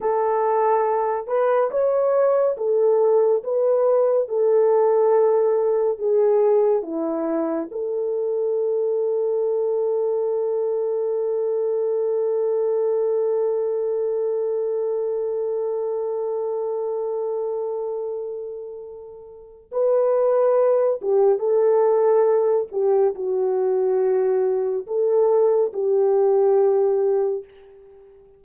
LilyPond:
\new Staff \with { instrumentName = "horn" } { \time 4/4 \tempo 4 = 70 a'4. b'8 cis''4 a'4 | b'4 a'2 gis'4 | e'4 a'2.~ | a'1~ |
a'1~ | a'2. b'4~ | b'8 g'8 a'4. g'8 fis'4~ | fis'4 a'4 g'2 | }